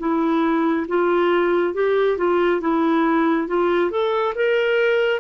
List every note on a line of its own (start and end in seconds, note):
0.00 0.87 E4
0.89 1.75 F4
1.75 2.18 G4
2.18 2.61 F4
2.61 3.48 E4
3.48 3.91 F4
3.91 4.35 A4
4.36 5.20 A#4